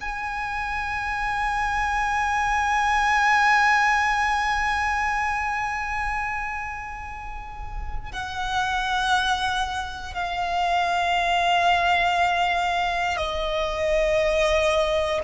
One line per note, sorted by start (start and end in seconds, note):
0.00 8.12 G#5
8.12 10.14 F#5
10.14 13.16 F5
13.16 15.20 D#5